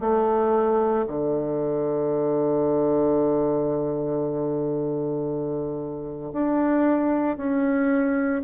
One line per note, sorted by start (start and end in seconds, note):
0.00 1.05 A3
1.07 6.33 D3
6.33 7.37 D4
7.37 8.42 C#4